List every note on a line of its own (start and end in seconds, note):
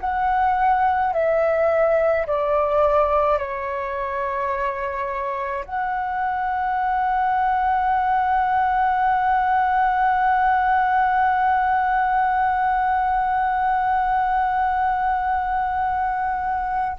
0.00 1.13 F#5
1.13 2.26 E5
2.26 3.38 D5
3.38 5.64 C#5
5.65 16.97 F#5